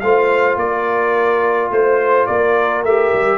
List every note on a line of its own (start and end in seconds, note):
0.00 0.56 A3
0.00 2.87 F4
0.00 0.59 C5
0.00 0.57 F5
0.56 1.69 A#3
0.56 1.73 A#4
0.56 1.71 D5
1.71 2.27 A3
1.71 2.26 C5
1.71 2.29 C5
2.26 2.83 A#3
2.26 3.38 A#4
2.26 2.83 D5
2.83 3.12 A3
2.83 3.38 G4
2.83 3.38 E5
3.13 3.38 G3